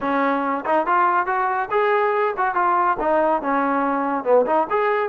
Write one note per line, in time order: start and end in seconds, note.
0.01 0.64 C#4
0.65 0.86 D#4
0.86 1.26 F4
1.26 1.69 F#4
1.70 2.34 G#4
2.37 2.54 F#4
2.54 2.97 F4
3.00 3.42 D#4
3.42 4.24 C#4
4.24 4.45 B3
4.46 4.67 D#4
4.69 5.09 G#4